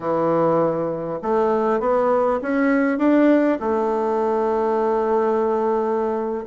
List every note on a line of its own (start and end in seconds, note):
0.00 1.19 E3
1.22 1.79 A3
1.79 2.39 B3
2.42 2.98 C#4
2.98 3.58 D4
3.60 6.45 A3